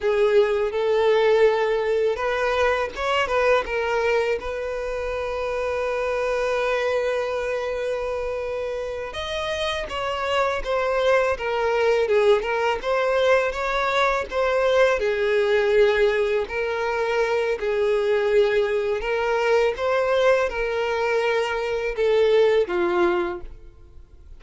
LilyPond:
\new Staff \with { instrumentName = "violin" } { \time 4/4 \tempo 4 = 82 gis'4 a'2 b'4 | cis''8 b'8 ais'4 b'2~ | b'1~ | b'8 dis''4 cis''4 c''4 ais'8~ |
ais'8 gis'8 ais'8 c''4 cis''4 c''8~ | c''8 gis'2 ais'4. | gis'2 ais'4 c''4 | ais'2 a'4 f'4 | }